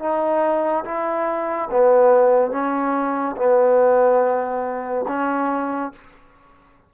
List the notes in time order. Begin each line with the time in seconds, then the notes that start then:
0.00 D#4
0.85 E4
1.71 B3
2.52 C#4
3.37 B3
5.08 C#4